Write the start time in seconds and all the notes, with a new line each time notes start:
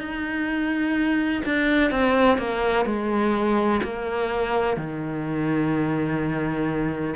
0.00 D#4
1.45 D4
1.91 C4
2.39 A#3
2.86 G#3
3.84 A#3
4.77 D#3